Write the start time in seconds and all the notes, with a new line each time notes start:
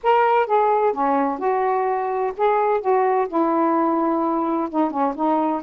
0.03 A#4
0.46 G#4
0.93 C#4
1.38 F#4
2.37 G#4
2.80 F#4
3.28 E4
4.69 D#4
4.90 C#4
5.15 D#4